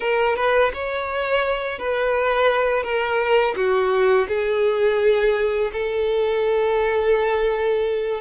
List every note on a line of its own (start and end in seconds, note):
0.00 0.36 A#4
0.36 0.71 B4
0.73 1.79 C#5
1.79 2.83 B4
2.83 3.54 A#4
3.56 4.27 F#4
4.28 5.71 G#4
5.72 8.21 A4